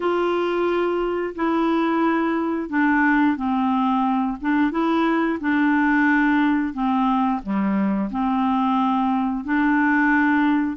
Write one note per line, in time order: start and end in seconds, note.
0.00 1.34 F4
1.35 2.69 E4
2.69 3.36 D4
3.36 4.37 C4
4.41 4.71 D4
4.71 5.38 E4
5.40 6.73 D4
6.73 7.41 C4
7.42 8.10 G3
8.11 9.44 C4
9.44 10.76 D4